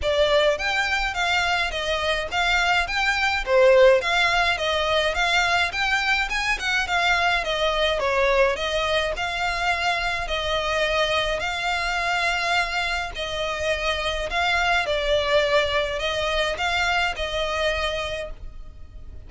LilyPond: \new Staff \with { instrumentName = "violin" } { \time 4/4 \tempo 4 = 105 d''4 g''4 f''4 dis''4 | f''4 g''4 c''4 f''4 | dis''4 f''4 g''4 gis''8 fis''8 | f''4 dis''4 cis''4 dis''4 |
f''2 dis''2 | f''2. dis''4~ | dis''4 f''4 d''2 | dis''4 f''4 dis''2 | }